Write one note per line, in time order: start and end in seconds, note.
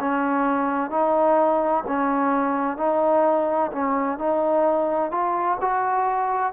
0.00 0.90 C#4
0.90 1.84 D#4
1.87 2.77 C#4
2.77 3.71 D#4
3.72 4.18 C#4
4.18 5.11 D#4
5.11 5.58 F4
5.61 6.53 F#4